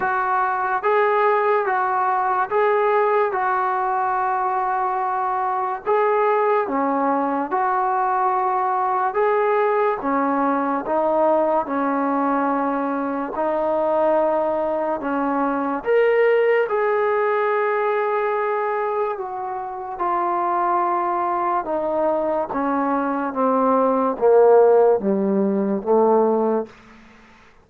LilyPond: \new Staff \with { instrumentName = "trombone" } { \time 4/4 \tempo 4 = 72 fis'4 gis'4 fis'4 gis'4 | fis'2. gis'4 | cis'4 fis'2 gis'4 | cis'4 dis'4 cis'2 |
dis'2 cis'4 ais'4 | gis'2. fis'4 | f'2 dis'4 cis'4 | c'4 ais4 g4 a4 | }